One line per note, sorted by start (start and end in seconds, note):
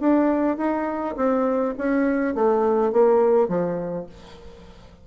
0.00 0.57 D4
0.57 1.16 D#4
1.17 1.75 C4
1.78 2.35 C#4
2.35 2.93 A3
2.93 3.48 A#3
3.48 4.07 F3